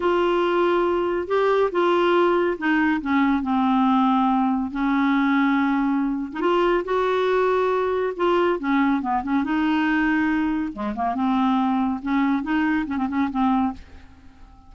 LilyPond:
\new Staff \with { instrumentName = "clarinet" } { \time 4/4 \tempo 4 = 140 f'2. g'4 | f'2 dis'4 cis'4 | c'2. cis'4~ | cis'2~ cis'8. dis'16 f'4 |
fis'2. f'4 | cis'4 b8 cis'8 dis'2~ | dis'4 gis8 ais8 c'2 | cis'4 dis'4 cis'16 c'16 cis'8 c'4 | }